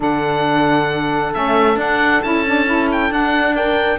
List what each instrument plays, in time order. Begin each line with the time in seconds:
0.00 cello D3, saxophone D4, horn A4, oboe F#5
1.33 cello A3, saxophone C#4, oboe E5
1.76 cello D4, saxophone D4, oboe F#5
2.22 cello C#4, saxophone E4, oboe A5
2.46 saxophone D4
2.66 saxophone E4
2.91 oboe G5
3.09 cello D4, saxophone D4, oboe F#5
3.55 horn A#4, oboe G5